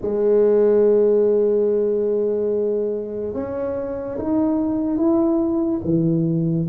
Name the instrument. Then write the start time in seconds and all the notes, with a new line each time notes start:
tuba
0.01 G#3
3.34 C#4
4.18 D#4
4.97 E4
5.84 E3